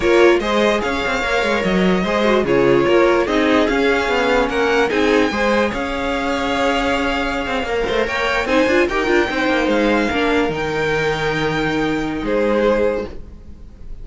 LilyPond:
<<
  \new Staff \with { instrumentName = "violin" } { \time 4/4 \tempo 4 = 147 cis''4 dis''4 f''2 | dis''2 cis''2 | dis''4 f''2 fis''4 | gis''2 f''2~ |
f''2.~ f''8. g''16~ | g''8. gis''4 g''2 f''16~ | f''4.~ f''16 g''2~ g''16~ | g''2 c''2 | }
  \new Staff \with { instrumentName = "violin" } { \time 4/4 ais'4 c''4 cis''2~ | cis''4 c''4 gis'4 ais'4 | gis'2. ais'4 | gis'4 c''4 cis''2~ |
cis''2.~ cis''16 c''8 cis''16~ | cis''8. c''4 ais'4 c''4~ c''16~ | c''8. ais'2.~ ais'16~ | ais'2 gis'2 | }
  \new Staff \with { instrumentName = "viola" } { \time 4/4 f'4 gis'2 ais'4~ | ais'4 gis'8 fis'8 f'2 | dis'4 cis'2. | dis'4 gis'2.~ |
gis'2~ gis'8. ais'4~ ais'16~ | ais'8. dis'8 f'8 g'8 f'8 dis'4~ dis'16~ | dis'8. d'4 dis'2~ dis'16~ | dis'1 | }
  \new Staff \with { instrumentName = "cello" } { \time 4/4 ais4 gis4 cis'8 c'8 ais8 gis8 | fis4 gis4 cis4 ais4 | c'4 cis'4 b4 ais4 | c'4 gis4 cis'2~ |
cis'2~ cis'16 c'8 ais8 a8 ais16~ | ais8. c'8 d'8 dis'8 d'8 c'8 ais8 gis16~ | gis8. ais4 dis2~ dis16~ | dis2 gis2 | }
>>